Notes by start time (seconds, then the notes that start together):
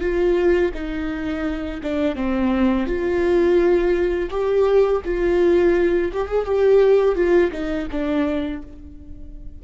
0.00 F4
0.73 D#4
1.82 D4
2.15 C4
2.86 F4
4.30 G4
5.05 F4
6.13 G4
6.27 G#4
6.45 G4
7.15 F4
7.52 D#4
7.91 D4